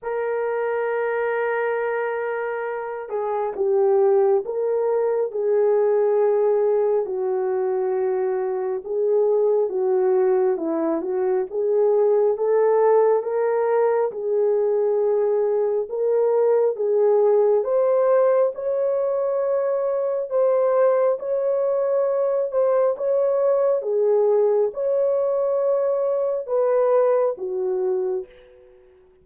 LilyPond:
\new Staff \with { instrumentName = "horn" } { \time 4/4 \tempo 4 = 68 ais'2.~ ais'8 gis'8 | g'4 ais'4 gis'2 | fis'2 gis'4 fis'4 | e'8 fis'8 gis'4 a'4 ais'4 |
gis'2 ais'4 gis'4 | c''4 cis''2 c''4 | cis''4. c''8 cis''4 gis'4 | cis''2 b'4 fis'4 | }